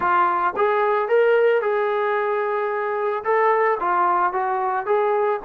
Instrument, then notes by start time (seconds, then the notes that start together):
trombone
0.00 F4
0.56 G#4
1.08 A#4
1.61 G#4
3.24 A4
3.80 F4
4.32 F#4
4.86 G#4